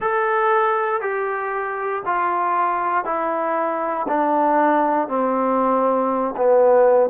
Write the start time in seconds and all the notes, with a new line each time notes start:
0.00 A4
1.01 G4
2.05 F4
3.04 E4
4.07 D4
5.08 C4
6.36 B3